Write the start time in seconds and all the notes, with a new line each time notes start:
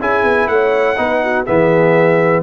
0.00 C#4 E4 G#4 G#5
0.24 B3
0.48 A3 C#5 F#5
0.97 B3 D#4 B4
1.24 F#4
1.46 E3 B3 G#4 E5